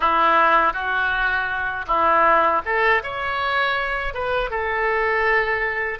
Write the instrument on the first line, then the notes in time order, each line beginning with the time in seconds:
oboe
0.00 E4
0.73 F#4
1.87 E4
2.65 A4
3.03 C#5
4.14 B4
4.50 A4